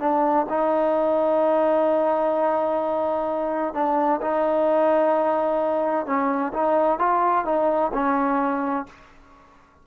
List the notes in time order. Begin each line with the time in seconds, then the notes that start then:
0.00 D4
0.49 D#4
3.74 D4
4.22 D#4
6.06 C#4
6.53 D#4
6.99 F4
7.45 D#4
7.94 C#4